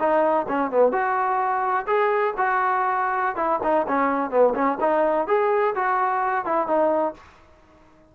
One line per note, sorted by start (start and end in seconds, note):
0.00 0.47 D#4
0.49 0.71 C#4
0.71 0.93 B3
0.93 1.86 F#4
1.87 2.34 G#4
2.38 3.36 F#4
3.36 3.60 E4
3.63 3.87 D#4
3.89 4.31 C#4
4.31 4.54 B3
4.55 4.78 C#4
4.81 5.28 D#4
5.28 5.75 G#4
5.75 6.46 F#4
6.46 6.68 E4
6.68 7.14 D#4